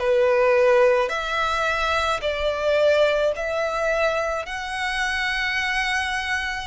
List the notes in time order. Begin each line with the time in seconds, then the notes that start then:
0.00 B4
1.10 E5
2.22 D5
3.36 E5
4.46 F#5